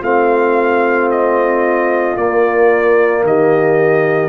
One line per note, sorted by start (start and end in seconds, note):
0.00 2.16 A3
0.00 2.16 C4
0.00 3.21 F4
0.00 1.10 F5
1.11 2.17 D#5
2.16 4.29 A#3
2.16 3.23 A#3
2.16 3.24 D5
3.23 4.29 D#3
3.23 4.29 G4
3.23 4.29 D#5